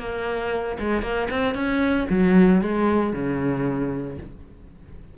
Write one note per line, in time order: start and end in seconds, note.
0.00 0.78 A#3
0.80 1.03 G#3
1.03 1.29 A#3
1.31 1.55 C4
1.55 2.07 C#4
2.10 2.62 F#3
2.62 3.13 G#3
3.13 4.18 C#3